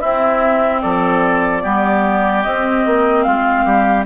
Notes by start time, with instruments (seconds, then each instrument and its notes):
0.00 clarinet C4, bassoon C4, oboe E4, flute E5
0.81 bassoon F3, oboe A4, flute D5
1.62 bassoon G3, clarinet B3, oboe G4
2.43 clarinet C4, bassoon C4, flute D#5
2.86 bassoon A#3
3.23 bassoon G#3, oboe F4, flute F5
3.65 bassoon G3, oboe G4